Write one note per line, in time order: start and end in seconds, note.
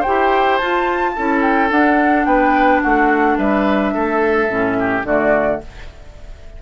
0.00 0.61 G4
0.00 1.11 C5
0.00 0.58 G5
0.07 0.61 E4
0.58 1.16 F4
0.58 1.17 F4
0.58 1.41 A5
1.16 1.71 C#4
1.16 1.70 E4
1.16 2.27 A4
1.42 1.70 G5
1.70 4.48 D4
1.70 2.26 D4
1.70 2.25 F#5
2.25 2.81 B3
2.25 2.83 B4
2.25 2.80 G5
2.82 3.38 A3
2.82 3.38 F#4
2.82 3.38 F#5
3.38 3.94 G3
3.38 3.94 B4
3.38 5.05 E5
3.94 4.49 A3
3.94 4.77 A4
4.49 5.04 A2
4.49 5.04 C#4
4.79 5.06 G4
5.04 5.59 D3
5.04 5.62 A3
5.04 5.62 F#4
5.04 5.61 D5